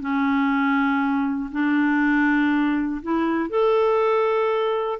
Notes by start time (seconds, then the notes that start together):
0.00 C#4
1.51 D4
3.02 E4
3.49 A4